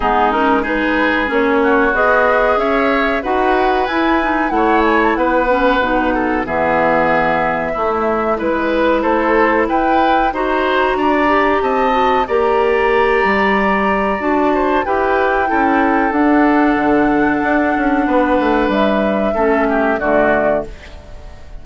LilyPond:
<<
  \new Staff \with { instrumentName = "flute" } { \time 4/4 \tempo 4 = 93 gis'8 ais'8 b'4 cis''4 dis''4 | e''4 fis''4 gis''4 fis''8 gis''16 a''16 | fis''2 e''2~ | e''4 b'4 c''4 g''4 |
ais''2 a''4 ais''4~ | ais''2 a''4 g''4~ | g''4 fis''2.~ | fis''4 e''2 d''4 | }
  \new Staff \with { instrumentName = "oboe" } { \time 4/4 dis'4 gis'4. fis'4. | cis''4 b'2 cis''4 | b'4. a'8 gis'2 | e'4 b'4 a'4 b'4 |
c''4 d''4 dis''4 d''4~ | d''2~ d''8 c''8 b'4 | a'1 | b'2 a'8 g'8 fis'4 | }
  \new Staff \with { instrumentName = "clarinet" } { \time 4/4 b8 cis'8 dis'4 cis'4 gis'4~ | gis'4 fis'4 e'8 dis'8 e'4~ | e'8 cis'8 dis'4 b2 | a4 e'2. |
fis'4. g'4 fis'8 g'4~ | g'2 fis'4 g'4 | e'4 d'2.~ | d'2 cis'4 a4 | }
  \new Staff \with { instrumentName = "bassoon" } { \time 4/4 gis2 ais4 b4 | cis'4 dis'4 e'4 a4 | b4 b,4 e2 | a4 gis4 a4 e'4 |
dis'4 d'4 c'4 ais4~ | ais8 g4. d'4 e'4 | cis'4 d'4 d4 d'8 cis'8 | b8 a8 g4 a4 d4 | }
>>